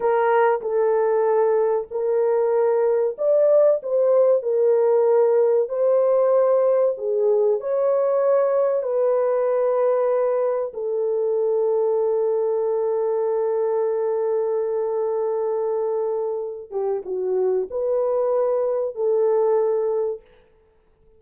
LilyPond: \new Staff \with { instrumentName = "horn" } { \time 4/4 \tempo 4 = 95 ais'4 a'2 ais'4~ | ais'4 d''4 c''4 ais'4~ | ais'4 c''2 gis'4 | cis''2 b'2~ |
b'4 a'2.~ | a'1~ | a'2~ a'8 g'8 fis'4 | b'2 a'2 | }